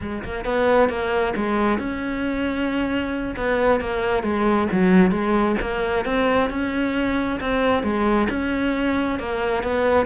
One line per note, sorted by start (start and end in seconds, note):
0.01 0.23 G#3
0.24 0.45 A#3
0.45 0.89 B3
0.89 1.34 A#3
1.36 1.78 G#3
1.78 3.35 C#4
3.36 3.80 B3
3.80 4.23 A#3
4.23 4.68 G#3
4.71 5.11 F#3
5.11 5.55 G#3
5.61 6.05 A#3
6.05 6.49 C4
6.49 7.39 C#4
7.40 7.83 C4
7.83 8.27 G#3
8.29 9.19 C#4
9.19 9.63 A#3
9.63 10.06 B3